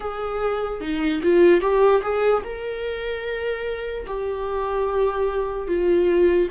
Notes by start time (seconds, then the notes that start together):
0.00 G#4
0.80 D#4
1.22 F4
1.60 G4
2.02 G#4
2.44 A#4
4.07 G4
5.67 F4